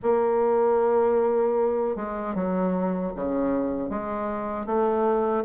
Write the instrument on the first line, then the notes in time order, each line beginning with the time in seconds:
bassoon
0.02 A#3
1.96 G#3
2.34 F#3
3.15 C#3
3.89 G#3
4.65 A3